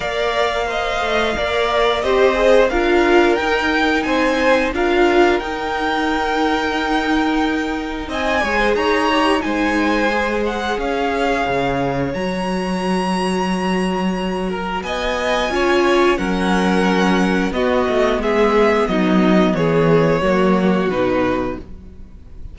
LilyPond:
<<
  \new Staff \with { instrumentName = "violin" } { \time 4/4 \tempo 4 = 89 f''2. dis''4 | f''4 g''4 gis''4 f''4 | g''1 | gis''4 ais''4 gis''4. fis''8 |
f''2 ais''2~ | ais''2 gis''2 | fis''2 dis''4 e''4 | dis''4 cis''2 b'4 | }
  \new Staff \with { instrumentName = "violin" } { \time 4/4 d''4 dis''4 d''4 c''4 | ais'2 c''4 ais'4~ | ais'1 | dis''8 cis''16 c''16 cis''4 c''2 |
cis''1~ | cis''4. ais'8 dis''4 cis''4 | ais'2 fis'4 gis'4 | dis'4 gis'4 fis'2 | }
  \new Staff \with { instrumentName = "viola" } { \time 4/4 ais'4 c''4 ais'4 g'8 gis'8 | f'4 dis'2 f'4 | dis'1~ | dis'8 gis'4 g'8 dis'4 gis'4~ |
gis'2 fis'2~ | fis'2. f'4 | cis'2 b2~ | b2 ais4 dis'4 | }
  \new Staff \with { instrumentName = "cello" } { \time 4/4 ais4. a8 ais4 c'4 | d'4 dis'4 c'4 d'4 | dis'1 | c'8 gis8 dis'4 gis2 |
cis'4 cis4 fis2~ | fis2 b4 cis'4 | fis2 b8 a8 gis4 | fis4 e4 fis4 b,4 | }
>>